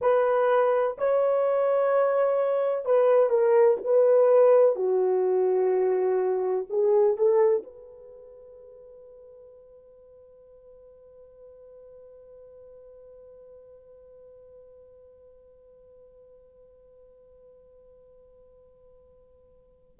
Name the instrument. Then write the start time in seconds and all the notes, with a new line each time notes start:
horn
0.01 B4
0.98 C#5
2.85 B4
3.29 A#4
3.84 B4
4.75 F#4
6.69 G#4
7.17 A4
7.63 B4